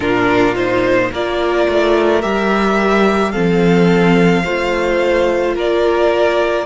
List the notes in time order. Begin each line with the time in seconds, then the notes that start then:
0.00 A#2 D4 F4 A#4
0.55 D#4 C5
1.11 A#3 F4 A#4 D5
1.68 A3
2.21 G3 G4 E5
3.31 F3 C4 A4 F5
4.44 A3 F4 C5
5.55 A#3 A#4 D5